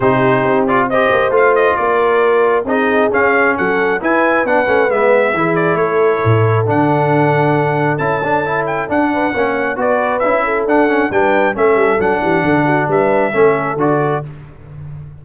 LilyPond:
<<
  \new Staff \with { instrumentName = "trumpet" } { \time 4/4 \tempo 4 = 135 c''4. d''8 dis''4 f''8 dis''8 | d''2 dis''4 f''4 | fis''4 gis''4 fis''4 e''4~ | e''8 d''8 cis''2 fis''4~ |
fis''2 a''4. g''8 | fis''2 d''4 e''4 | fis''4 g''4 e''4 fis''4~ | fis''4 e''2 d''4 | }
  \new Staff \with { instrumentName = "horn" } { \time 4/4 g'2 c''2 | ais'2 gis'2 | a'4 b'2. | gis'4 a'2.~ |
a'1~ | a'8 b'8 cis''4 b'4. a'8~ | a'4 b'4 a'4. g'8 | a'8 fis'8 b'4 a'2 | }
  \new Staff \with { instrumentName = "trombone" } { \time 4/4 dis'4. f'8 g'4 f'4~ | f'2 dis'4 cis'4~ | cis'4 e'4 d'8 cis'8 b4 | e'2. d'4~ |
d'2 e'8 d'8 e'4 | d'4 cis'4 fis'4 e'4 | d'8 cis'8 d'4 cis'4 d'4~ | d'2 cis'4 fis'4 | }
  \new Staff \with { instrumentName = "tuba" } { \time 4/4 c4 c'4. ais8 a4 | ais2 c'4 cis'4 | fis4 e'4 b8 a8 gis4 | e4 a4 a,4 d4~ |
d2 cis'2 | d'4 ais4 b4 cis'4 | d'4 g4 a8 g8 fis8 e8 | d4 g4 a4 d4 | }
>>